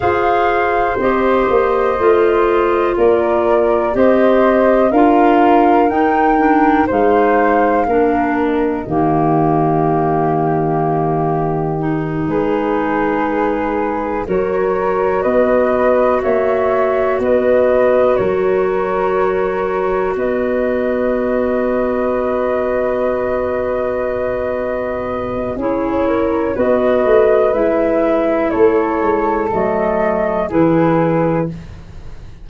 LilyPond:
<<
  \new Staff \with { instrumentName = "flute" } { \time 4/4 \tempo 4 = 61 f''4 dis''2 d''4 | dis''4 f''4 g''4 f''4~ | f''8 dis''2.~ dis''8~ | dis''8 b'2 cis''4 dis''8~ |
dis''8 e''4 dis''4 cis''4.~ | cis''8 dis''2.~ dis''8~ | dis''2 cis''4 dis''4 | e''4 cis''4 dis''4 b'4 | }
  \new Staff \with { instrumentName = "flute" } { \time 4/4 c''2. ais'4 | c''4 ais'2 c''4 | ais'4 g'2.~ | g'8 gis'2 ais'4 b'8~ |
b'8 cis''4 b'4 ais'4.~ | ais'8 b'2.~ b'8~ | b'2 gis'8 ais'8 b'4~ | b'4 a'2 gis'4 | }
  \new Staff \with { instrumentName = "clarinet" } { \time 4/4 gis'4 g'4 f'2 | g'4 f'4 dis'8 d'8 dis'4 | d'4 ais2. | dis'2~ dis'8 fis'4.~ |
fis'1~ | fis'1~ | fis'2 e'4 fis'4 | e'2 a4 e'4 | }
  \new Staff \with { instrumentName = "tuba" } { \time 4/4 f'4 c'8 ais8 a4 ais4 | c'4 d'4 dis'4 gis4 | ais4 dis2.~ | dis8 gis2 fis4 b8~ |
b8 ais4 b4 fis4.~ | fis8 b2.~ b8~ | b2 cis'4 b8 a8 | gis4 a8 gis8 fis4 e4 | }
>>